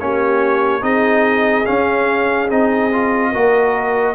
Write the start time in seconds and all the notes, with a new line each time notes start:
0.00 A#3 C#4 G4 C#5
0.81 C4 D#4 G#4 D#5
1.65 C#4 F5
2.49 C4 D#4 D#5
2.92 F4
3.31 A#3 F#4 A#4